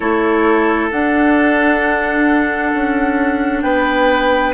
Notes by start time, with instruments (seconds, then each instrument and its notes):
0.00 bassoon A3, clarinet E4, oboe A4, flute C#5
0.91 bassoon D4, clarinet D4, flute F#5
2.73 bassoon C#4
3.61 bassoon B3, oboe B4, flute G5